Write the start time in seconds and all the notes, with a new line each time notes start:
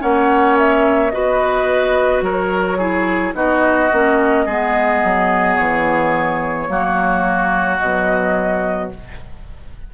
0.00 A#3 C#4 C#5 F#5
0.58 E5
1.11 B3 F#4 B4 D#5
2.22 F#3 A#4 C#5
2.78 E4 G#4
3.34 B3 D#4 F#4 D#5
3.93 A#3 C#4
4.46 G#3 B3 G#4
5.04 F#3
5.55 E3 C#5
6.68 F#3 A#3 F#4
7.78 B2 F#3 D#5